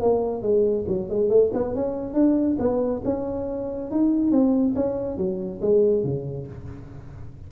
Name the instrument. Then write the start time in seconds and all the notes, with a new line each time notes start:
tuba
0.00 A#3
0.42 G#3
0.87 F#3
1.09 G#3
1.29 A3
1.53 B3
1.74 C#4
2.13 D4
2.59 B3
3.04 C#4
3.91 D#4
4.31 C4
4.75 C#4
5.17 F#3
5.61 G#3
6.03 C#3